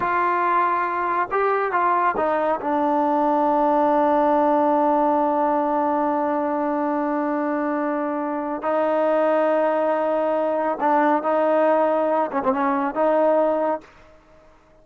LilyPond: \new Staff \with { instrumentName = "trombone" } { \time 4/4 \tempo 4 = 139 f'2. g'4 | f'4 dis'4 d'2~ | d'1~ | d'1~ |
d'1 | dis'1~ | dis'4 d'4 dis'2~ | dis'8 cis'16 c'16 cis'4 dis'2 | }